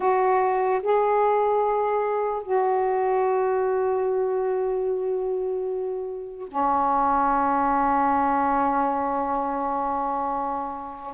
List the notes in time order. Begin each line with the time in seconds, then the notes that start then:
0.00 F#4
0.82 G#4
2.43 F#4
6.48 C#4